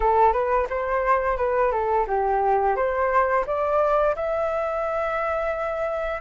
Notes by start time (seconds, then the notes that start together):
0.00 A4
0.33 B4
0.69 C5
1.37 B4
1.71 A4
2.07 G4
2.76 C5
3.46 D5
4.15 E5